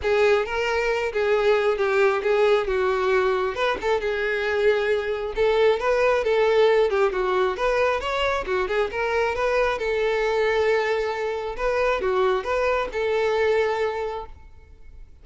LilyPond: \new Staff \with { instrumentName = "violin" } { \time 4/4 \tempo 4 = 135 gis'4 ais'4. gis'4. | g'4 gis'4 fis'2 | b'8 a'8 gis'2. | a'4 b'4 a'4. g'8 |
fis'4 b'4 cis''4 fis'8 gis'8 | ais'4 b'4 a'2~ | a'2 b'4 fis'4 | b'4 a'2. | }